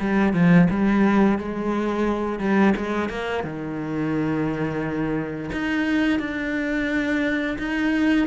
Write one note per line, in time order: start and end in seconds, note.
0.00 0.34 G3
0.34 0.68 F3
0.70 1.39 G3
1.39 2.40 G#3
2.40 2.74 G3
2.77 3.10 G#3
3.10 3.44 A#3
3.44 5.51 D#3
5.52 6.20 D#4
6.20 7.58 D4
7.59 8.28 D#4